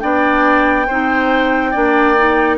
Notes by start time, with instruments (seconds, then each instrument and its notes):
0.00 bassoon B3, clarinet D4, oboe D5, flute G5
0.87 bassoon C4, clarinet D#4, oboe C5
1.71 bassoon A#3, clarinet D4, oboe D5
2.17 clarinet D#4